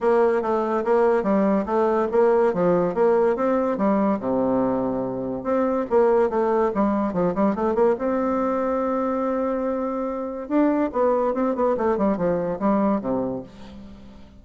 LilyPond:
\new Staff \with { instrumentName = "bassoon" } { \time 4/4 \tempo 4 = 143 ais4 a4 ais4 g4 | a4 ais4 f4 ais4 | c'4 g4 c2~ | c4 c'4 ais4 a4 |
g4 f8 g8 a8 ais8 c'4~ | c'1~ | c'4 d'4 b4 c'8 b8 | a8 g8 f4 g4 c4 | }